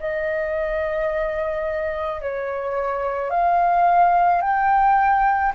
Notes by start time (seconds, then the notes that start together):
0.00 D#5
2.21 C#5
3.30 F5
4.41 G5